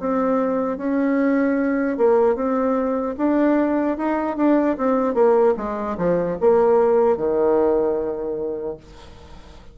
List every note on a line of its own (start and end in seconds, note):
0.00 0.78 C4
0.78 1.98 C#4
1.98 2.36 A#3
2.36 3.16 C4
3.18 3.98 D4
3.98 4.37 D#4
4.37 4.77 D4
4.78 5.15 C4
5.15 5.55 A#3
5.57 5.97 G#3
5.98 6.38 F3
6.41 7.17 A#3
7.17 8.77 D#3